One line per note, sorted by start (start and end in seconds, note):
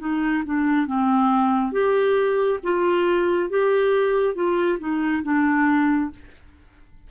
0.00 0.43 D#4
0.45 0.87 D4
0.87 1.72 C4
1.72 2.59 G4
2.64 3.50 F4
3.50 4.35 G4
4.35 4.79 F4
4.79 5.23 D#4
5.23 6.10 D4